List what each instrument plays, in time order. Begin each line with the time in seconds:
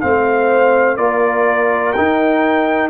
0.00 tuba A3, trombone C4, horn C5, trumpet F5
0.97 tuba A#3, trombone F4, horn A#4, trumpet D5
1.93 trombone D#4, tuba D#4, trumpet G5